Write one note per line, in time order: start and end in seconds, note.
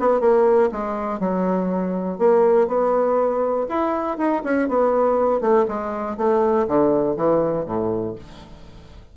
0.00 0.21 B3
0.21 0.71 A#3
0.72 1.20 G#3
1.20 2.19 F#3
2.19 2.68 A#3
2.68 3.67 B3
3.69 4.18 E4
4.18 4.43 D#4
4.44 4.69 C#4
4.69 5.42 B3
5.42 5.66 A3
5.68 6.18 G#3
6.18 6.67 A3
6.68 7.17 D3
7.17 7.66 E3
7.66 8.16 A2